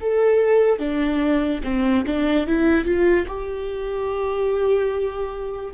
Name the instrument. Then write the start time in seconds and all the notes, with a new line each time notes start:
viola
0.00 A4
0.78 D4
1.63 C4
2.06 D4
2.47 E4
2.85 F4
3.27 G4